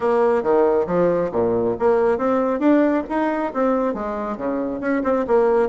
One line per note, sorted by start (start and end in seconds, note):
0.00 0.42 A#3
0.42 0.86 D#3
0.87 1.30 F3
1.32 1.76 A#2
1.79 2.18 A#3
2.18 2.59 C4
2.59 3.03 D4
3.09 3.53 D#4
3.53 3.94 C4
3.94 4.37 G#3
4.37 4.80 C#3
4.80 5.02 C#4
5.03 5.25 C4
5.27 5.69 A#3